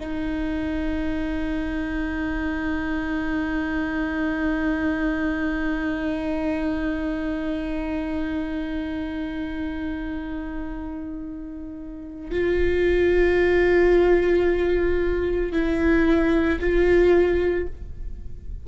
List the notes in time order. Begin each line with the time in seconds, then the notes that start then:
0.00 D#4
12.31 F4
15.53 E4
16.60 F4